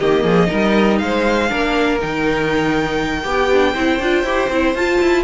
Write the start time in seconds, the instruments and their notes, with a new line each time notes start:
0.00 cello D#3, viola A#3, violin G4 D#5
0.24 cello F3, violin G#4
0.47 viola D#4, violin A#4
0.54 cello G3
0.99 cello G#3, violin C5 F5
1.50 cello A#3, viola D4, violin A#4
2.01 cello D#3, viola D#4, violin G5
3.23 cello B3, violin G4, viola G4
3.53 viola D4
3.73 cello C4, viola E4, violin C5
4.00 cello D4, viola F4
4.24 cello E4, viola G4
4.50 cello C4, viola E4
4.75 cello F4, viola F4, violin A5
5.02 cello E4